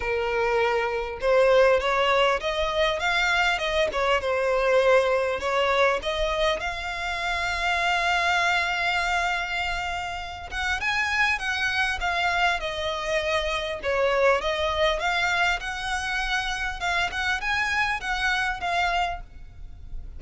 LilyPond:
\new Staff \with { instrumentName = "violin" } { \time 4/4 \tempo 4 = 100 ais'2 c''4 cis''4 | dis''4 f''4 dis''8 cis''8 c''4~ | c''4 cis''4 dis''4 f''4~ | f''1~ |
f''4. fis''8 gis''4 fis''4 | f''4 dis''2 cis''4 | dis''4 f''4 fis''2 | f''8 fis''8 gis''4 fis''4 f''4 | }